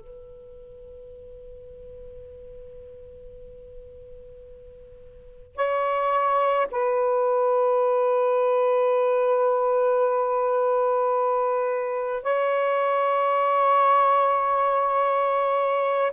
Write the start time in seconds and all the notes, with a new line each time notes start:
0.00 B4
5.56 C#5
6.71 B4
12.23 C#5